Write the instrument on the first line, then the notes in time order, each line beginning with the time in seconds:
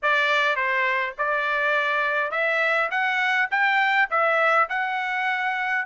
trumpet
0.02 D5
0.55 C5
1.18 D5
2.31 E5
2.90 F#5
3.50 G5
4.10 E5
4.69 F#5